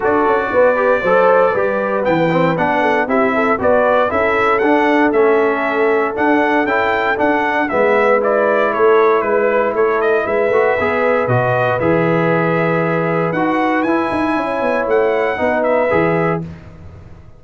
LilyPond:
<<
  \new Staff \with { instrumentName = "trumpet" } { \time 4/4 \tempo 4 = 117 d''1 | g''4 fis''4 e''4 d''4 | e''4 fis''4 e''2 | fis''4 g''4 fis''4 e''4 |
d''4 cis''4 b'4 cis''8 dis''8 | e''2 dis''4 e''4~ | e''2 fis''4 gis''4~ | gis''4 fis''4. e''4. | }
  \new Staff \with { instrumentName = "horn" } { \time 4/4 a'4 b'4 c''4 b'4~ | b'4. a'8 g'8 a'8 b'4 | a'1~ | a'2. b'4~ |
b'4 a'4 b'4 a'4 | b'1~ | b'1 | cis''2 b'2 | }
  \new Staff \with { instrumentName = "trombone" } { \time 4/4 fis'4. g'8 a'4 g'4 | b8 c'8 d'4 e'4 fis'4 | e'4 d'4 cis'2 | d'4 e'4 d'4 b4 |
e'1~ | e'8 fis'8 gis'4 fis'4 gis'4~ | gis'2 fis'4 e'4~ | e'2 dis'4 gis'4 | }
  \new Staff \with { instrumentName = "tuba" } { \time 4/4 d'8 cis'8 b4 fis4 g4 | e4 b4 c'4 b4 | cis'4 d'4 a2 | d'4 cis'4 d'4 gis4~ |
gis4 a4 gis4 a4 | gis8 a8 b4 b,4 e4~ | e2 dis'4 e'8 dis'8 | cis'8 b8 a4 b4 e4 | }
>>